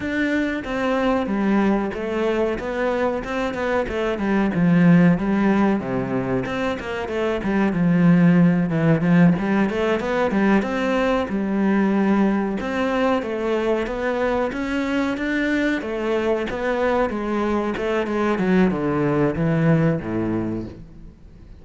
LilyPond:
\new Staff \with { instrumentName = "cello" } { \time 4/4 \tempo 4 = 93 d'4 c'4 g4 a4 | b4 c'8 b8 a8 g8 f4 | g4 c4 c'8 ais8 a8 g8 | f4. e8 f8 g8 a8 b8 |
g8 c'4 g2 c'8~ | c'8 a4 b4 cis'4 d'8~ | d'8 a4 b4 gis4 a8 | gis8 fis8 d4 e4 a,4 | }